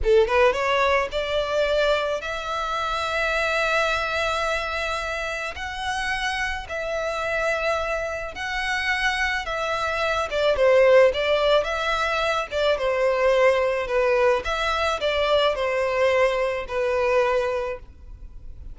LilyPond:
\new Staff \with { instrumentName = "violin" } { \time 4/4 \tempo 4 = 108 a'8 b'8 cis''4 d''2 | e''1~ | e''2 fis''2 | e''2. fis''4~ |
fis''4 e''4. d''8 c''4 | d''4 e''4. d''8 c''4~ | c''4 b'4 e''4 d''4 | c''2 b'2 | }